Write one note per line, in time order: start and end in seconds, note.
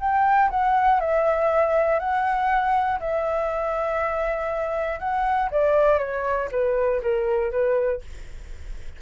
0.00 0.50 G5
0.50 1.00 F#5
1.00 2.00 E5
2.00 3.00 F#5
3.00 5.00 E5
5.00 5.50 F#5
5.51 5.99 D5
5.99 6.49 C#5
6.52 7.02 B4
7.02 7.52 A#4
7.52 8.02 B4